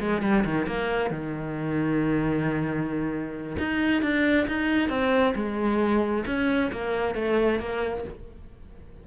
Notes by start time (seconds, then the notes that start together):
0.00 G#3
0.22 G3
0.45 D#3
0.67 A#3
1.11 D#3
3.59 D#4
4.03 D4
4.48 D#4
4.90 C4
5.36 G#3
6.27 C#4
6.72 A#3
7.15 A3
7.60 A#3